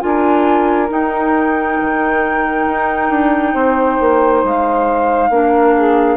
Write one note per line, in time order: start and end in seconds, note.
0.00 0.90 D4
0.00 0.88 F4
0.00 3.53 A#4
0.00 0.89 G#5
0.89 5.30 D#4
0.89 1.78 D#4
0.89 4.45 G5
1.81 2.67 D#3
2.67 3.10 D#4
3.10 3.54 D4
3.53 3.98 C4
3.53 5.30 C5
4.00 4.44 A#3
4.44 5.30 G#3
4.44 6.17 F5
5.30 6.17 A#3
5.30 6.17 D4
5.30 5.76 A#4
5.76 6.17 G#4